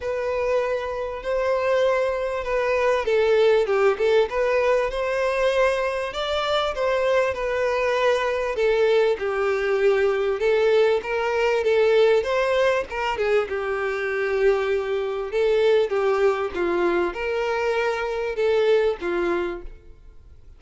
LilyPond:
\new Staff \with { instrumentName = "violin" } { \time 4/4 \tempo 4 = 98 b'2 c''2 | b'4 a'4 g'8 a'8 b'4 | c''2 d''4 c''4 | b'2 a'4 g'4~ |
g'4 a'4 ais'4 a'4 | c''4 ais'8 gis'8 g'2~ | g'4 a'4 g'4 f'4 | ais'2 a'4 f'4 | }